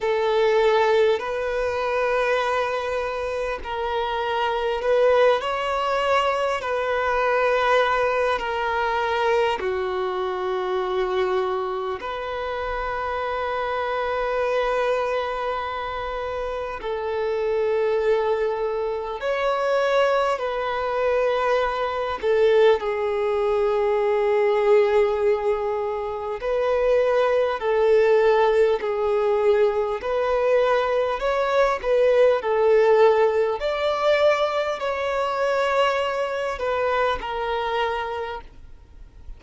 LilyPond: \new Staff \with { instrumentName = "violin" } { \time 4/4 \tempo 4 = 50 a'4 b'2 ais'4 | b'8 cis''4 b'4. ais'4 | fis'2 b'2~ | b'2 a'2 |
cis''4 b'4. a'8 gis'4~ | gis'2 b'4 a'4 | gis'4 b'4 cis''8 b'8 a'4 | d''4 cis''4. b'8 ais'4 | }